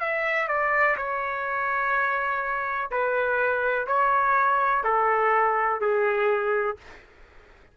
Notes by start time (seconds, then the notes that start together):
0.00 E5
0.48 D5
0.97 C#5
2.91 B4
3.87 C#5
4.84 A4
5.81 G#4